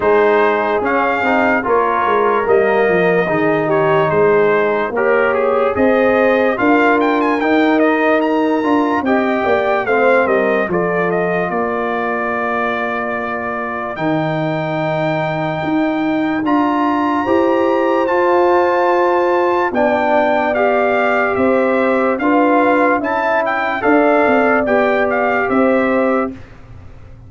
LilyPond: <<
  \new Staff \with { instrumentName = "trumpet" } { \time 4/4 \tempo 4 = 73 c''4 f''4 cis''4 dis''4~ | dis''8 cis''8 c''4 ais'8 gis'8 dis''4 | f''8 g''16 gis''16 g''8 dis''8 ais''4 g''4 | f''8 dis''8 d''8 dis''8 d''2~ |
d''4 g''2. | ais''2 a''2 | g''4 f''4 e''4 f''4 | a''8 g''8 f''4 g''8 f''8 e''4 | }
  \new Staff \with { instrumentName = "horn" } { \time 4/4 gis'2 ais'2 | gis'8 g'8 gis'4 cis''4 c''4 | ais'2. dis''8 d''8 | c''8 ais'8 a'4 ais'2~ |
ais'1~ | ais'4 c''2. | d''2 c''4 b'4 | e''4 d''2 c''4 | }
  \new Staff \with { instrumentName = "trombone" } { \time 4/4 dis'4 cis'8 dis'8 f'4 ais4 | dis'2 g'4 gis'4 | f'4 dis'4. f'8 g'4 | c'4 f'2.~ |
f'4 dis'2. | f'4 g'4 f'2 | d'4 g'2 f'4 | e'4 a'4 g'2 | }
  \new Staff \with { instrumentName = "tuba" } { \time 4/4 gis4 cis'8 c'8 ais8 gis8 g8 f8 | dis4 gis4 ais4 c'4 | d'4 dis'4. d'8 c'8 ais8 | a8 g8 f4 ais2~ |
ais4 dis2 dis'4 | d'4 e'4 f'2 | b2 c'4 d'4 | cis'4 d'8 c'8 b4 c'4 | }
>>